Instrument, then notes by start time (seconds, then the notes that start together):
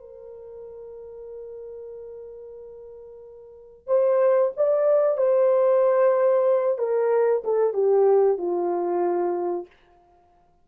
horn
0.00 A#4
3.87 C5
4.56 D5
5.17 C5
6.78 A#4
7.44 A4
7.73 G4
8.38 F4